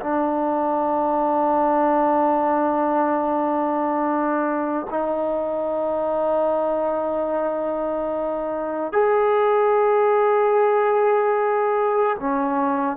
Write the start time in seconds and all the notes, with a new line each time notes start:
0.00 D4
4.90 D#4
8.92 G#4
12.20 C#4